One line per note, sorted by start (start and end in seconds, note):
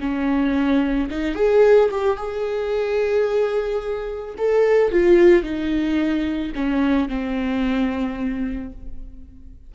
0.00 1.09 C#4
1.10 1.35 D#4
1.35 1.89 G#4
1.91 2.17 G4
2.17 4.35 G#4
4.38 4.91 A4
4.91 5.43 F4
5.43 6.52 D#4
6.55 7.08 C#4
7.08 8.72 C4